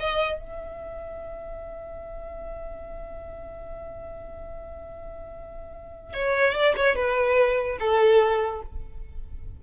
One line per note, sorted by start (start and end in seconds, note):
0.00 0.39 D#5
0.39 6.14 E5
6.14 6.54 C#5
6.54 6.75 D5
6.76 6.96 C#5
6.96 7.78 B4
7.80 8.62 A4